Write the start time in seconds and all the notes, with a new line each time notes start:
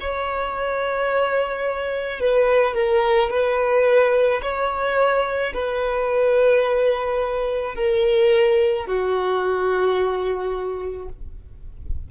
0.00 C#5
2.20 B4
2.74 A#4
3.30 B4
4.42 C#5
5.54 B4
7.75 A#4
8.86 F#4